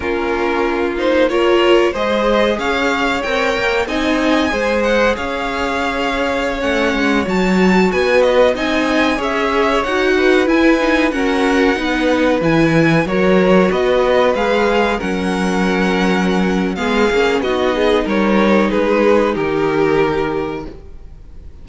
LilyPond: <<
  \new Staff \with { instrumentName = "violin" } { \time 4/4 \tempo 4 = 93 ais'4. c''8 cis''4 dis''4 | f''4 g''4 gis''4. fis''8 | f''2~ f''16 fis''4 a''8.~ | a''16 gis''8 dis''8 gis''4 e''4 fis''8.~ |
fis''16 gis''4 fis''2 gis''8.~ | gis''16 cis''4 dis''4 f''4 fis''8.~ | fis''2 f''4 dis''4 | cis''4 b'4 ais'2 | }
  \new Staff \with { instrumentName = "violin" } { \time 4/4 f'2 ais'4 c''4 | cis''2 dis''4 c''4 | cis''1~ | cis''16 b'4 dis''4 cis''4. b'16~ |
b'4~ b'16 ais'4 b'4.~ b'16~ | b'16 ais'4 b'2 ais'8.~ | ais'2 gis'4 fis'8 gis'8 | ais'4 gis'4 g'2 | }
  \new Staff \with { instrumentName = "viola" } { \time 4/4 cis'4. dis'8 f'4 gis'4~ | gis'4 ais'4 dis'4 gis'4~ | gis'2~ gis'16 cis'4 fis'8.~ | fis'4~ fis'16 dis'4 gis'4 fis'8.~ |
fis'16 e'8 dis'8 cis'4 dis'4 e'8.~ | e'16 fis'2 gis'4 cis'8.~ | cis'2 b8 cis'8 dis'4~ | dis'1 | }
  \new Staff \with { instrumentName = "cello" } { \time 4/4 ais2. gis4 | cis'4 c'8 ais8 c'4 gis4 | cis'2~ cis'16 a8 gis8 fis8.~ | fis16 b4 c'4 cis'4 dis'8.~ |
dis'16 e'4 fis'4 b4 e8.~ | e16 fis4 b4 gis4 fis8.~ | fis2 gis8 ais8 b4 | g4 gis4 dis2 | }
>>